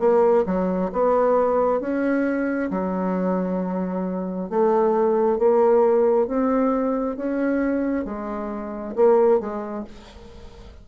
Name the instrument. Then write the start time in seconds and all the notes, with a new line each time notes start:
bassoon
0.00 A#3
0.46 F#3
0.92 B3
1.81 C#4
2.71 F#3
4.50 A3
5.39 A#3
6.27 C4
7.16 C#4
8.05 G#3
8.96 A#3
9.40 G#3